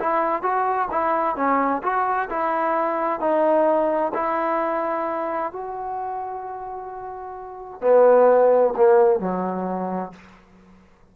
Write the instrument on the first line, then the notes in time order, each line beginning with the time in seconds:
trombone
0.00 E4
0.43 F#4
0.92 E4
1.36 C#4
1.83 F#4
2.30 E4
3.20 D#4
4.14 E4
5.53 F#4
7.81 B3
8.77 A#3
9.20 F#3